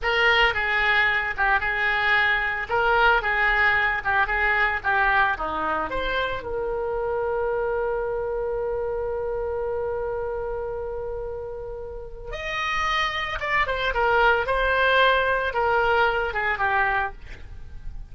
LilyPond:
\new Staff \with { instrumentName = "oboe" } { \time 4/4 \tempo 4 = 112 ais'4 gis'4. g'8 gis'4~ | gis'4 ais'4 gis'4. g'8 | gis'4 g'4 dis'4 c''4 | ais'1~ |
ais'1~ | ais'2. dis''4~ | dis''4 d''8 c''8 ais'4 c''4~ | c''4 ais'4. gis'8 g'4 | }